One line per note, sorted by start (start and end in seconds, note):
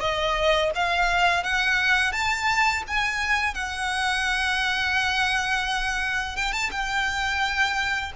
0.00 0.71 D#5
0.74 1.43 F5
1.43 2.12 F#5
2.12 2.83 A5
2.87 3.54 G#5
3.54 6.36 F#5
6.36 6.52 G5
6.52 6.70 A5
6.71 8.12 G5